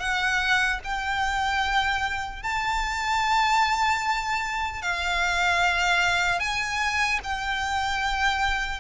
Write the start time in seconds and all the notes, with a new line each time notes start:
0.00 F#5
0.84 G5
2.43 A5
4.82 F5
6.40 G#5
7.24 G5